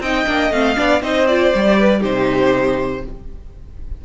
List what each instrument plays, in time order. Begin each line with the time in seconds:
0.00 cello C4, viola D#4, violin D#5 G5
0.26 cello A#3, viola D4
0.51 cello A3, viola C4, violin F5
0.76 cello B3, viola D4, violin D5
1.02 cello C4, viola D#4, violin C5 D#5
1.27 viola F4, violin D5
1.54 cello G3, viola G4
1.79 violin B4
2.00 cello C3, viola D#4, violin G4 C5